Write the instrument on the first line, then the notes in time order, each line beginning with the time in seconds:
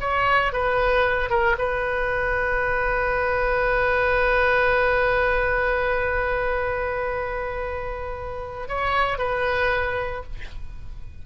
oboe
0.00 C#5
0.52 B4
1.30 A#4
1.58 B4
8.68 C#5
9.18 B4